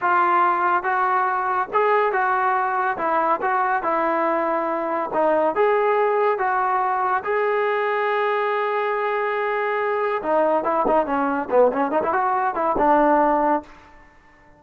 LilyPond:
\new Staff \with { instrumentName = "trombone" } { \time 4/4 \tempo 4 = 141 f'2 fis'2 | gis'4 fis'2 e'4 | fis'4 e'2. | dis'4 gis'2 fis'4~ |
fis'4 gis'2.~ | gis'1 | dis'4 e'8 dis'8 cis'4 b8 cis'8 | dis'16 e'16 fis'4 e'8 d'2 | }